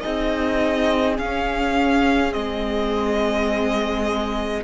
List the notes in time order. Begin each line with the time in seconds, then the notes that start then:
0.00 C4 D#4 G#4 D#5
1.16 C#4 F5
2.31 G#3 C4 D#5